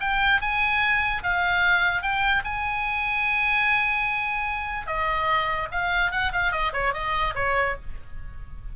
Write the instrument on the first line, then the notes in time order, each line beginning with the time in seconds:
oboe
0.00 G5
0.41 G#5
1.23 F5
2.02 G5
2.44 G#5
4.87 D#5
5.71 F5
6.11 F#5
6.32 F5
6.51 D#5
6.73 C#5
6.93 D#5
7.35 C#5